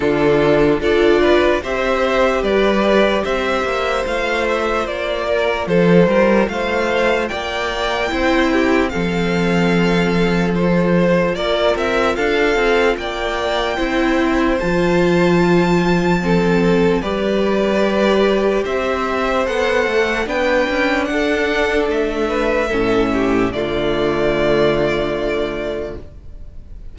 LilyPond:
<<
  \new Staff \with { instrumentName = "violin" } { \time 4/4 \tempo 4 = 74 a'4 d''4 e''4 d''4 | e''4 f''8 e''8 d''4 c''4 | f''4 g''2 f''4~ | f''4 c''4 d''8 e''8 f''4 |
g''2 a''2~ | a''4 d''2 e''4 | fis''4 g''4 fis''4 e''4~ | e''4 d''2. | }
  \new Staff \with { instrumentName = "violin" } { \time 4/4 f'4 a'8 b'8 c''4 b'4 | c''2~ c''8 ais'8 a'8 ais'8 | c''4 d''4 c''8 g'8 a'4~ | a'2 ais'4 a'4 |
d''4 c''2. | a'4 b'2 c''4~ | c''4 b'4 a'4. b'8 | a'8 g'8 f'2. | }
  \new Staff \with { instrumentName = "viola" } { \time 4/4 d'4 f'4 g'2~ | g'4 f'2.~ | f'2 e'4 c'4~ | c'4 f'2.~ |
f'4 e'4 f'2 | c'4 g'2. | a'4 d'2. | cis'4 a2. | }
  \new Staff \with { instrumentName = "cello" } { \time 4/4 d4 d'4 c'4 g4 | c'8 ais8 a4 ais4 f8 g8 | a4 ais4 c'4 f4~ | f2 ais8 c'8 d'8 c'8 |
ais4 c'4 f2~ | f4 g2 c'4 | b8 a8 b8 cis'8 d'4 a4 | a,4 d2. | }
>>